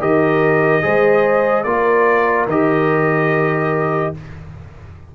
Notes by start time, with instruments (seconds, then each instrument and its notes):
0.00 tuba D#3, trombone G4, horn A#4, trumpet D#5
0.82 tuba G#3, trombone G#4, horn C5
1.64 tuba A#3, trombone F4, horn A#4, trumpet D5
2.47 tuba D#3, trombone G4, trumpet D#5